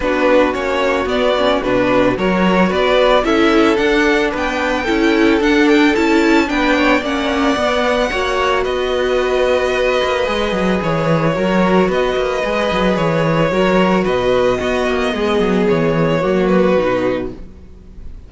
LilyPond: <<
  \new Staff \with { instrumentName = "violin" } { \time 4/4 \tempo 4 = 111 b'4 cis''4 d''4 b'4 | cis''4 d''4 e''4 fis''4 | g''2 fis''8 g''8 a''4 | g''4 fis''2. |
dis''1 | cis''2 dis''2 | cis''2 dis''2~ | dis''4 cis''4. b'4. | }
  \new Staff \with { instrumentName = "violin" } { \time 4/4 fis'1 | ais'4 b'4 a'2 | b'4 a'2. | b'8 cis''8 d''2 cis''4 |
b'1~ | b'4 ais'4 b'2~ | b'4 ais'4 b'4 fis'4 | gis'2 fis'2 | }
  \new Staff \with { instrumentName = "viola" } { \time 4/4 d'4 cis'4 b8 cis'8 d'4 | fis'2 e'4 d'4~ | d'4 e'4 d'4 e'4 | d'4 cis'4 b4 fis'4~ |
fis'2. gis'4~ | gis'4 fis'2 gis'4~ | gis'4 fis'2 b4~ | b2 ais4 dis'4 | }
  \new Staff \with { instrumentName = "cello" } { \time 4/4 b4 ais4 b4 b,4 | fis4 b4 cis'4 d'4 | b4 cis'4 d'4 cis'4 | b4 ais4 b4 ais4 |
b2~ b8 ais8 gis8 fis8 | e4 fis4 b8 ais8 gis8 fis8 | e4 fis4 b,4 b8 ais8 | gis8 fis8 e4 fis4 b,4 | }
>>